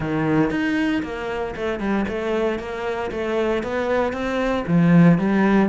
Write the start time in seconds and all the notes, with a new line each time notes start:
0.00 D#3
0.50 D#4
1.03 A#3
1.55 A3
1.79 G3
2.08 A3
2.59 A#3
3.11 A3
3.63 B3
4.12 C4
4.67 F3
5.18 G3